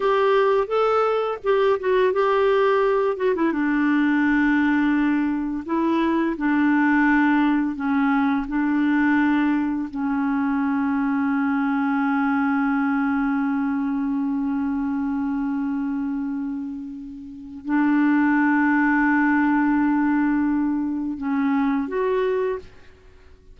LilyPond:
\new Staff \with { instrumentName = "clarinet" } { \time 4/4 \tempo 4 = 85 g'4 a'4 g'8 fis'8 g'4~ | g'8 fis'16 e'16 d'2. | e'4 d'2 cis'4 | d'2 cis'2~ |
cis'1~ | cis'1~ | cis'4 d'2.~ | d'2 cis'4 fis'4 | }